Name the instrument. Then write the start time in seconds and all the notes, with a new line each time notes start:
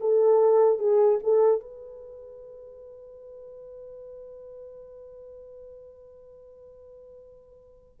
horn
0.00 A4
0.78 G#4
1.23 A4
1.60 B4